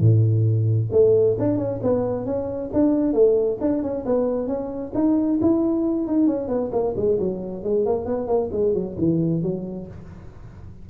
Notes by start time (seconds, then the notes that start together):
0.00 A2
0.92 A3
1.39 D4
1.57 C#4
1.83 B3
2.25 C#4
2.73 D4
3.13 A3
3.61 D4
3.82 C#4
4.06 B3
4.47 C#4
4.94 D#4
5.41 E4
6.07 D#4
6.27 C#4
6.48 B3
6.72 A#3
6.96 G#3
7.19 F#3
7.63 G#3
7.86 A#3
8.06 B3
8.27 A#3
8.52 G#3
8.74 F#3
8.98 E3
9.42 F#3